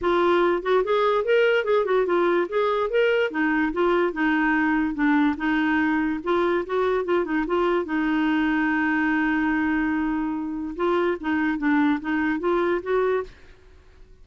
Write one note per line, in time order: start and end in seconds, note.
0.01 0.62 F4
0.62 0.83 F#4
0.84 1.24 G#4
1.24 1.64 A#4
1.64 1.85 G#4
1.85 2.05 F#4
2.05 2.47 F4
2.48 2.90 G#4
2.90 3.30 A#4
3.30 3.72 D#4
3.72 4.12 F4
4.12 4.94 D#4
4.94 5.35 D4
5.37 6.20 D#4
6.23 6.65 F4
6.66 7.04 F#4
7.04 7.24 F4
7.24 7.45 D#4
7.47 7.85 F4
7.85 10.75 D#4
10.76 11.17 F4
11.20 11.58 D#4
11.58 11.99 D4
12.00 12.39 D#4
12.39 12.81 F4
12.82 13.23 F#4